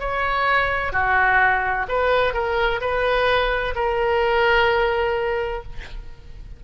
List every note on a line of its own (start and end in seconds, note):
0.00 0.92 C#5
0.92 1.86 F#4
1.89 2.34 B4
2.34 2.81 A#4
2.81 3.75 B4
3.75 5.63 A#4